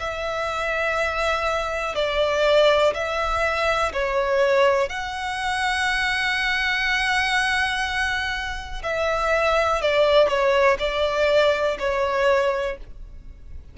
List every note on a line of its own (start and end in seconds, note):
0.00 1.95 E5
1.95 2.93 D5
2.94 3.92 E5
3.93 4.89 C#5
4.89 8.82 F#5
8.83 9.81 E5
9.81 10.28 D5
10.28 10.77 C#5
10.79 11.77 D5
11.79 12.77 C#5